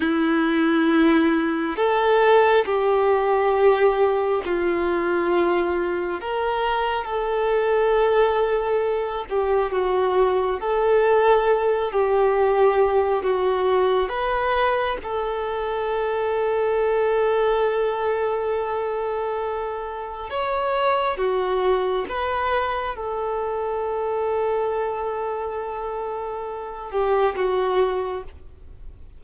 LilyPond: \new Staff \with { instrumentName = "violin" } { \time 4/4 \tempo 4 = 68 e'2 a'4 g'4~ | g'4 f'2 ais'4 | a'2~ a'8 g'8 fis'4 | a'4. g'4. fis'4 |
b'4 a'2.~ | a'2. cis''4 | fis'4 b'4 a'2~ | a'2~ a'8 g'8 fis'4 | }